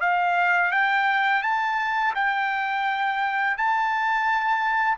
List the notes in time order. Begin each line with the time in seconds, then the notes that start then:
0.00 F5
0.71 G5
1.43 A5
2.15 G5
3.57 A5